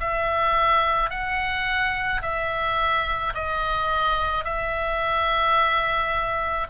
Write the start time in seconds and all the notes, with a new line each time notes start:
0.00 E5
1.10 F#5
2.22 E5
3.34 D#5
4.44 E5